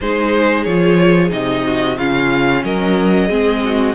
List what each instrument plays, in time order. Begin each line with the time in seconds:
0.00 cello G#3, viola D#4, violin G#4 C5
0.63 cello F3, viola F4, violin C#5
1.29 cello C3, viola D#4, violin D#5
1.65 violin F#4
1.97 cello C#3, viola C#4, violin F4 F5
2.63 cello F#3, violin A#4 D#5
3.27 cello G#3, viola C4, violin G#4
3.64 violin F#4